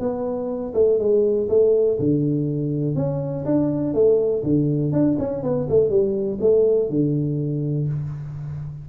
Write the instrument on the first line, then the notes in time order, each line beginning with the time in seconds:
tuba
0.00 B3
0.75 A3
0.99 G#3
1.49 A3
2.00 D3
2.96 C#4
3.46 D4
3.94 A3
4.44 D3
4.93 D4
5.19 C#4
5.43 B3
5.70 A3
5.90 G3
6.41 A3
6.90 D3